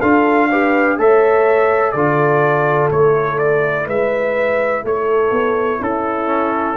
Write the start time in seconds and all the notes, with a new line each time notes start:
0.00 D4 F4 A4 F5
0.50 G4 B4
0.98 A3 A4 C#5 E5
1.92 D3 F4 A4 D5
2.91 A3 E4 C#5
3.39 D5
3.86 G#3 B4 E5
4.84 A3 A4 C#5
5.31 B3
5.81 C#4 E4 A4
6.26 C#4